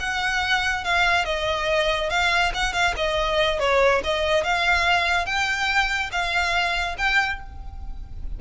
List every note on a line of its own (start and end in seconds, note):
0.00 0.84 F#5
0.84 1.25 F5
1.25 2.10 D#5
2.10 2.52 F5
2.54 2.73 F#5
2.73 2.94 F5
2.97 3.60 D#5
3.60 4.02 C#5
4.04 4.44 D#5
4.44 5.26 F5
5.26 6.10 G5
6.12 6.96 F5
6.98 7.40 G5